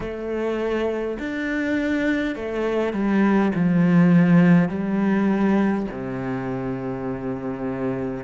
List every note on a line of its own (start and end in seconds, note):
0.00 1.18 A3
1.19 2.35 D4
2.35 2.93 A3
2.93 3.51 G3
3.55 4.68 F3
4.68 5.86 G3
5.91 8.24 C3